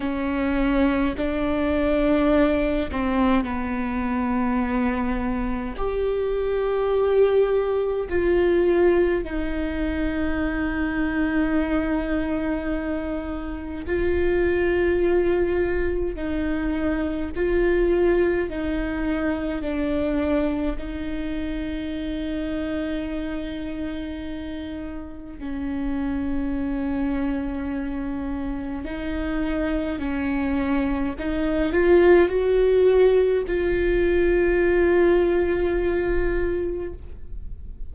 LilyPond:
\new Staff \with { instrumentName = "viola" } { \time 4/4 \tempo 4 = 52 cis'4 d'4. c'8 b4~ | b4 g'2 f'4 | dis'1 | f'2 dis'4 f'4 |
dis'4 d'4 dis'2~ | dis'2 cis'2~ | cis'4 dis'4 cis'4 dis'8 f'8 | fis'4 f'2. | }